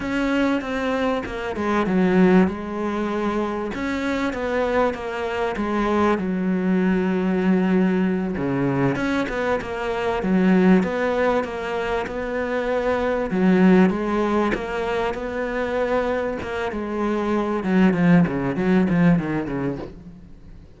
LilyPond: \new Staff \with { instrumentName = "cello" } { \time 4/4 \tempo 4 = 97 cis'4 c'4 ais8 gis8 fis4 | gis2 cis'4 b4 | ais4 gis4 fis2~ | fis4. cis4 cis'8 b8 ais8~ |
ais8 fis4 b4 ais4 b8~ | b4. fis4 gis4 ais8~ | ais8 b2 ais8 gis4~ | gis8 fis8 f8 cis8 fis8 f8 dis8 cis8 | }